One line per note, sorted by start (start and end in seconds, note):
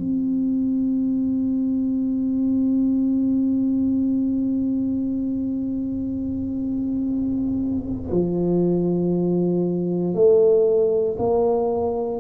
0.00 8.12 C4
8.12 10.15 F3
10.15 11.17 A3
11.19 12.20 A#3